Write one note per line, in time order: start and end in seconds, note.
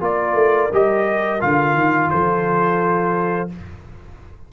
0.00 0.34 A#3
0.00 0.70 F4
0.00 2.10 A#4
0.00 0.73 D5
0.34 0.69 A3
0.72 1.41 G3
0.72 1.40 G4
0.72 1.41 D#5
1.40 1.73 D3
1.40 3.49 F4
1.40 2.10 F5
1.73 2.08 D#3
2.10 3.52 F3
2.10 3.50 A4
2.10 3.49 C5